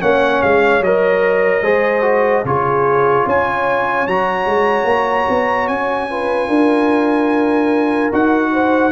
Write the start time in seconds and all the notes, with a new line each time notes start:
0.00 A#3 C#4 C#5 F#5
0.42 G#3 F5
0.80 F#3 A#4 D#5
1.62 G#3 G#4 C5
2.02 F#4
2.44 C#3 F4 G#4 C#5
3.26 C#4 C#5 G#5
4.07 F#3 F#4 A#5
4.45 G#3
4.84 A#3
5.29 B3
5.67 C#4 G#5
6.10 F4 B4
6.48 D4 A#4
8.12 D#4 F#4 F#5
8.52 C5